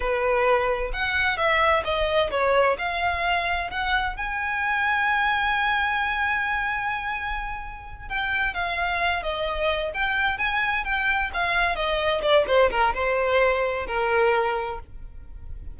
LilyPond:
\new Staff \with { instrumentName = "violin" } { \time 4/4 \tempo 4 = 130 b'2 fis''4 e''4 | dis''4 cis''4 f''2 | fis''4 gis''2.~ | gis''1~ |
gis''4. g''4 f''4. | dis''4. g''4 gis''4 g''8~ | g''8 f''4 dis''4 d''8 c''8 ais'8 | c''2 ais'2 | }